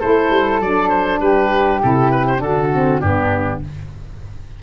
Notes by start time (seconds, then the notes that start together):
0.00 A3 E4 A4 C5
0.30 G3
0.60 F#3 D4 D5
0.90 C5
1.20 G3 G4 B4
1.82 C3 E4 A4
2.11 B4
2.27 C5
2.37 D3 D4 F#4 A4
2.73 C4
3.00 G2 B3 D4 G4